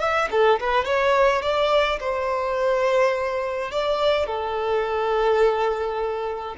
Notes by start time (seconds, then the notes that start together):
0.00 E5
0.31 A4
0.61 B4
0.85 C#5
1.43 D5
2.00 C5
3.71 D5
4.27 A4